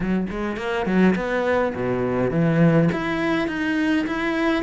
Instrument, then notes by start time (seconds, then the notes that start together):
cello
0.00 F#3
0.30 G#3
0.56 A#3
0.86 F#3
1.15 B3
1.75 B2
2.31 E3
2.92 E4
3.47 D#4
4.06 E4